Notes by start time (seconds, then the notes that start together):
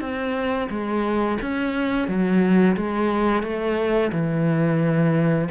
0.00 C4
0.70 G#3
1.42 C#4
2.08 F#3
2.76 G#3
3.43 A3
4.12 E3